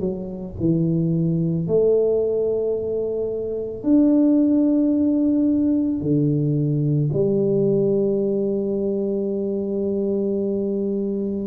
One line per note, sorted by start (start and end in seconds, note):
0.00 0.55 F#3
0.60 1.67 E3
1.67 3.83 A3
3.83 6.01 D4
6.01 7.10 D3
7.13 11.47 G3